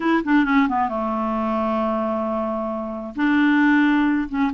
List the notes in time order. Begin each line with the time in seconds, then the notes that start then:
0.00 E4
0.24 D4
0.44 C#4
0.68 B3
0.88 A3
3.15 D4
4.28 C#4